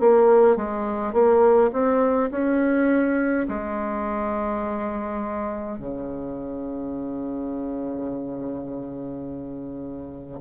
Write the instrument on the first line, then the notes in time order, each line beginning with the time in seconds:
bassoon
0.00 A#3
0.57 G#3
1.13 A#3
1.73 C4
2.31 C#4
3.49 G#3
5.79 C#3